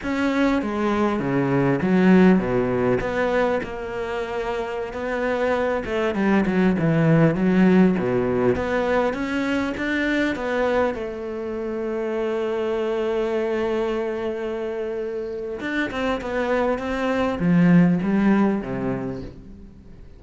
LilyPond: \new Staff \with { instrumentName = "cello" } { \time 4/4 \tempo 4 = 100 cis'4 gis4 cis4 fis4 | b,4 b4 ais2~ | ais16 b4. a8 g8 fis8 e8.~ | e16 fis4 b,4 b4 cis'8.~ |
cis'16 d'4 b4 a4.~ a16~ | a1~ | a2 d'8 c'8 b4 | c'4 f4 g4 c4 | }